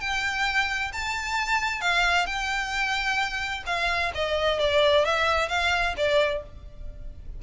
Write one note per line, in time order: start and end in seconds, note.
0.00 0.92 G5
0.92 1.81 A5
1.81 2.26 F5
2.26 3.63 G5
3.66 4.12 F5
4.14 4.59 D#5
4.59 5.05 D5
5.05 5.49 E5
5.49 5.94 F5
5.97 6.42 D5